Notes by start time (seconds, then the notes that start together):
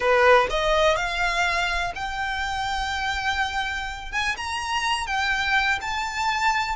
0.00 B4
0.49 D#5
0.96 F5
1.95 G5
4.12 G#5
4.37 A#5
5.06 G5
5.81 A5